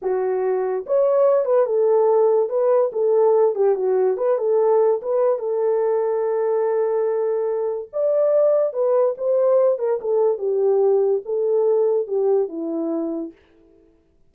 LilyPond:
\new Staff \with { instrumentName = "horn" } { \time 4/4 \tempo 4 = 144 fis'2 cis''4. b'8 | a'2 b'4 a'4~ | a'8 g'8 fis'4 b'8 a'4. | b'4 a'2.~ |
a'2. d''4~ | d''4 b'4 c''4. ais'8 | a'4 g'2 a'4~ | a'4 g'4 e'2 | }